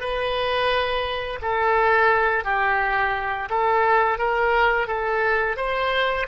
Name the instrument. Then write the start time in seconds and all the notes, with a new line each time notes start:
oboe
0.00 B4
1.42 A4
2.44 G4
3.50 A4
4.18 A#4
4.87 A4
5.57 C5